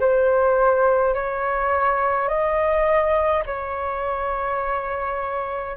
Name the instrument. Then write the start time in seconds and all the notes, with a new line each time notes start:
flute
0.00 C5
1.15 C#5
2.29 D#5
3.46 C#5